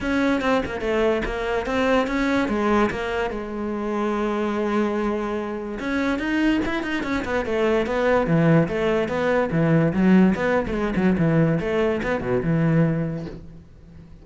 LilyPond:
\new Staff \with { instrumentName = "cello" } { \time 4/4 \tempo 4 = 145 cis'4 c'8 ais8 a4 ais4 | c'4 cis'4 gis4 ais4 | gis1~ | gis2 cis'4 dis'4 |
e'8 dis'8 cis'8 b8 a4 b4 | e4 a4 b4 e4 | fis4 b8. a16 gis8 fis8 e4 | a4 b8 b,8 e2 | }